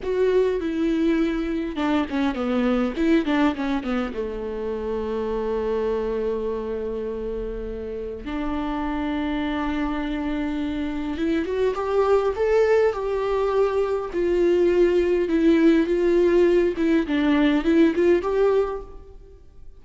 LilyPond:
\new Staff \with { instrumentName = "viola" } { \time 4/4 \tempo 4 = 102 fis'4 e'2 d'8 cis'8 | b4 e'8 d'8 cis'8 b8 a4~ | a1~ | a2 d'2~ |
d'2. e'8 fis'8 | g'4 a'4 g'2 | f'2 e'4 f'4~ | f'8 e'8 d'4 e'8 f'8 g'4 | }